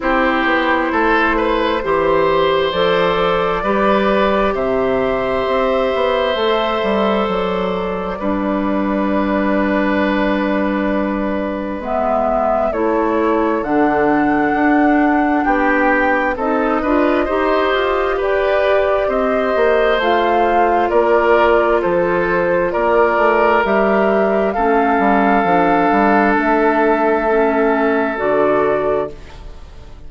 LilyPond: <<
  \new Staff \with { instrumentName = "flute" } { \time 4/4 \tempo 4 = 66 c''2. d''4~ | d''4 e''2. | d''1~ | d''4 e''4 cis''4 fis''4~ |
fis''4 g''4 dis''2 | d''4 dis''4 f''4 d''4 | c''4 d''4 e''4 f''4~ | f''4 e''2 d''4 | }
  \new Staff \with { instrumentName = "oboe" } { \time 4/4 g'4 a'8 b'8 c''2 | b'4 c''2.~ | c''4 b'2.~ | b'2 a'2~ |
a'4 g'4 a'8 b'8 c''4 | b'4 c''2 ais'4 | a'4 ais'2 a'4~ | a'1 | }
  \new Staff \with { instrumentName = "clarinet" } { \time 4/4 e'2 g'4 a'4 | g'2. a'4~ | a'4 d'2.~ | d'4 b4 e'4 d'4~ |
d'2 dis'8 f'8 g'4~ | g'2 f'2~ | f'2 g'4 cis'4 | d'2 cis'4 fis'4 | }
  \new Staff \with { instrumentName = "bassoon" } { \time 4/4 c'8 b8 a4 e4 f4 | g4 c4 c'8 b8 a8 g8 | fis4 g2.~ | g4 gis4 a4 d4 |
d'4 b4 c'8 d'8 dis'8 f'8 | g'4 c'8 ais8 a4 ais4 | f4 ais8 a8 g4 a8 g8 | f8 g8 a2 d4 | }
>>